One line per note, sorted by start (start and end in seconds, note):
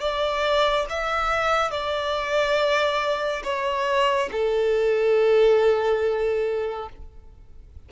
0.00 0.86 D5
0.89 1.71 E5
1.71 3.42 D5
3.44 4.29 C#5
4.32 6.89 A4